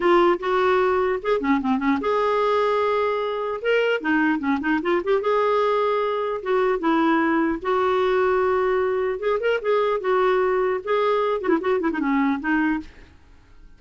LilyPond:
\new Staff \with { instrumentName = "clarinet" } { \time 4/4 \tempo 4 = 150 f'4 fis'2 gis'8 cis'8 | c'8 cis'8 gis'2.~ | gis'4 ais'4 dis'4 cis'8 dis'8 | f'8 g'8 gis'2. |
fis'4 e'2 fis'4~ | fis'2. gis'8 ais'8 | gis'4 fis'2 gis'4~ | gis'8 fis'16 e'16 fis'8 e'16 dis'16 cis'4 dis'4 | }